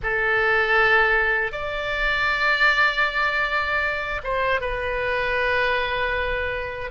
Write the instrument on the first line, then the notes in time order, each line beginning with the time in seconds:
oboe
0.02 A4
1.52 D5
4.23 C5
4.60 B4